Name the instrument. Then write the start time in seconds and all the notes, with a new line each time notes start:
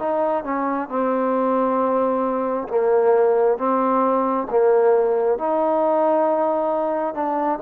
trombone
0.00 D#4
0.44 C#4
0.89 C4
2.69 A#3
3.59 C4
4.51 A#3
5.39 D#4
7.15 D4